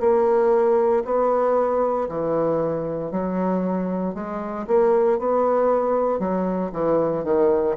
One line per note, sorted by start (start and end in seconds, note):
0.00 1.03 A#3
1.05 2.08 B3
2.09 3.11 E3
3.11 4.15 F#3
4.15 4.66 G#3
4.67 5.19 A#3
5.19 6.19 B3
6.19 6.71 F#3
6.72 7.24 E3
7.24 7.76 D#3